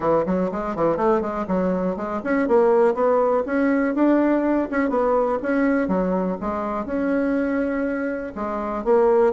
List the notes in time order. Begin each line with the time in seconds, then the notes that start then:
0.00 E3
0.26 F#3
0.51 G#3
0.75 E3
0.97 A3
1.21 G#3
1.47 F#3
1.96 G#3
2.24 C#4
2.47 A#3
2.94 B3
3.46 C#4
3.95 D4
4.71 C#4
4.89 B3
5.42 C#4
5.87 F#3
6.40 G#3
6.85 C#4
8.35 G#3
8.84 A#3